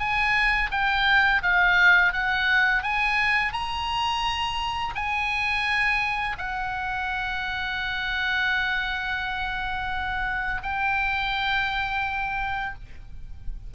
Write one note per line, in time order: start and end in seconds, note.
0.00 0.71 G#5
0.72 1.42 G5
1.43 2.13 F5
2.13 2.83 F#5
2.83 3.53 G#5
3.53 4.94 A#5
4.95 6.37 G#5
6.38 10.62 F#5
10.63 12.75 G5